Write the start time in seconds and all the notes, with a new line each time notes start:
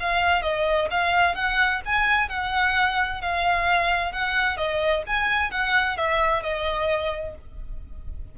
0.00 F5
0.42 D#5
0.91 F5
1.35 F#5
1.85 G#5
2.29 F#5
3.22 F5
4.12 F#5
4.57 D#5
5.07 G#5
5.51 F#5
5.97 E5
6.43 D#5